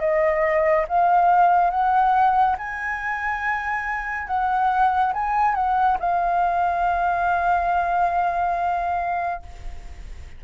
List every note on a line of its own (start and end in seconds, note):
0.00 0.86 D#5
0.88 1.70 F5
1.70 2.56 F#5
2.58 4.27 G#5
4.27 5.13 F#5
5.13 5.55 G#5
5.55 5.98 F#5
6.00 9.42 F5